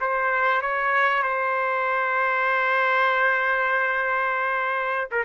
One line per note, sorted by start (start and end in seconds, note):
0.00 0.61 C5
0.61 1.22 C#5
1.22 5.09 C5
5.11 5.24 A#4